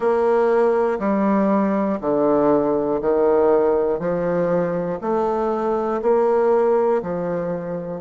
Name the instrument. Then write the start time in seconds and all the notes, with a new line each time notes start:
bassoon
0.00 A#3
0.99 G3
2.00 D3
3.01 D#3
3.99 F3
5.00 A3
6.01 A#3
7.02 F3